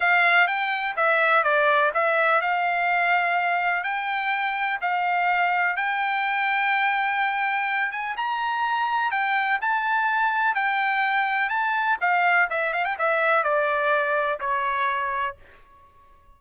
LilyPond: \new Staff \with { instrumentName = "trumpet" } { \time 4/4 \tempo 4 = 125 f''4 g''4 e''4 d''4 | e''4 f''2. | g''2 f''2 | g''1~ |
g''8 gis''8 ais''2 g''4 | a''2 g''2 | a''4 f''4 e''8 f''16 g''16 e''4 | d''2 cis''2 | }